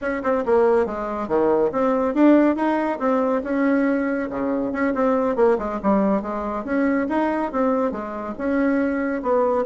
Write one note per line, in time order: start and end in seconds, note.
0.01 0.22 C#4
0.23 0.44 C4
0.45 0.86 A#3
0.86 1.28 G#3
1.28 1.70 D#3
1.72 2.14 C4
2.14 2.56 D4
2.56 2.98 D#4
2.99 3.42 C4
3.43 4.29 C#4
4.30 4.72 C#3
4.72 4.93 C#4
4.94 5.36 C4
5.36 5.57 A#3
5.58 5.79 G#3
5.82 6.21 G3
6.21 6.64 G#3
6.64 7.07 C#4
7.09 7.51 D#4
7.52 7.91 C4
7.91 8.34 G#3
8.37 9.22 C#4
9.22 9.65 B3